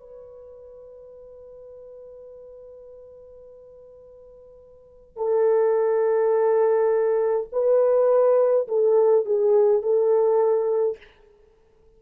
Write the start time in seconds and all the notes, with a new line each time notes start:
0.00 B4
5.17 A4
7.52 B4
8.68 A4
9.25 G#4
9.82 A4